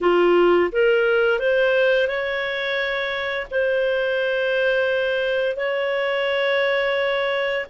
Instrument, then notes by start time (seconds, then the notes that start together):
clarinet
0.00 F4
0.72 A#4
1.39 C5
2.07 C#5
3.51 C5
5.56 C#5